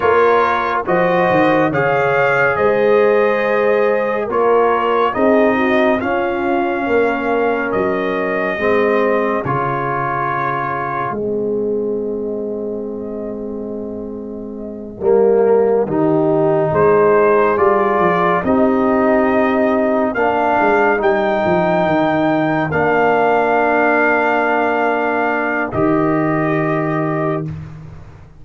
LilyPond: <<
  \new Staff \with { instrumentName = "trumpet" } { \time 4/4 \tempo 4 = 70 cis''4 dis''4 f''4 dis''4~ | dis''4 cis''4 dis''4 f''4~ | f''4 dis''2 cis''4~ | cis''4 dis''2.~ |
dis''2.~ dis''8 c''8~ | c''8 d''4 dis''2 f''8~ | f''8 g''2 f''4.~ | f''2 dis''2 | }
  \new Staff \with { instrumentName = "horn" } { \time 4/4 ais'4 c''4 cis''4 c''4~ | c''4 ais'4 gis'8 fis'8 f'4 | ais'2 gis'2~ | gis'1~ |
gis'4. ais'4 g'4 gis'8~ | gis'4. g'2 ais'8~ | ais'1~ | ais'1 | }
  \new Staff \with { instrumentName = "trombone" } { \time 4/4 f'4 fis'4 gis'2~ | gis'4 f'4 dis'4 cis'4~ | cis'2 c'4 f'4~ | f'4 c'2.~ |
c'4. ais4 dis'4.~ | dis'8 f'4 dis'2 d'8~ | d'8 dis'2 d'4.~ | d'2 g'2 | }
  \new Staff \with { instrumentName = "tuba" } { \time 4/4 ais4 f8 dis8 cis4 gis4~ | gis4 ais4 c'4 cis'4 | ais4 fis4 gis4 cis4~ | cis4 gis2.~ |
gis4. g4 dis4 gis8~ | gis8 g8 f8 c'2 ais8 | gis8 g8 f8 dis4 ais4.~ | ais2 dis2 | }
>>